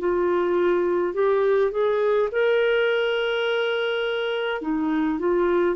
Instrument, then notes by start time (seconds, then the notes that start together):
clarinet
0.00 F4
1.14 G4
1.72 G#4
2.32 A#4
4.62 D#4
5.19 F4